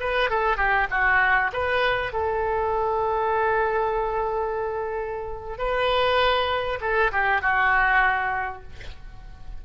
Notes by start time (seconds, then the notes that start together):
0.00 B4
0.30 A4
0.57 G4
0.90 F#4
1.53 B4
2.13 A4
5.58 B4
6.80 A4
7.12 G4
7.42 F#4